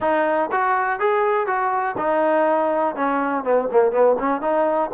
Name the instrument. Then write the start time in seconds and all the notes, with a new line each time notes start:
trombone
0.00 D#4
0.51 F#4
0.99 G#4
1.46 F#4
1.97 D#4
2.95 C#4
3.44 B3
3.71 A#3
3.91 B3
4.19 C#4
4.41 D#4